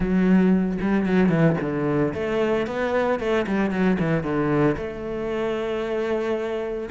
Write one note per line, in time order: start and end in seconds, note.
0.00 0.78 F#3
0.81 1.05 G3
1.05 1.29 F#3
1.29 1.55 E3
1.60 2.13 D3
2.14 2.66 A3
2.66 3.19 B3
3.19 3.46 A3
3.47 3.70 G3
3.70 3.97 F#3
3.99 4.23 E3
4.23 4.76 D3
4.77 6.89 A3